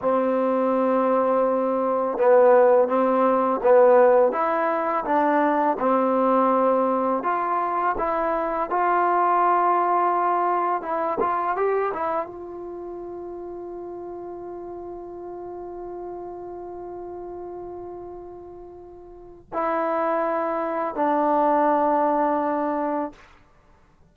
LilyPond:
\new Staff \with { instrumentName = "trombone" } { \time 4/4 \tempo 4 = 83 c'2. b4 | c'4 b4 e'4 d'4 | c'2 f'4 e'4 | f'2. e'8 f'8 |
g'8 e'8 f'2.~ | f'1~ | f'2. e'4~ | e'4 d'2. | }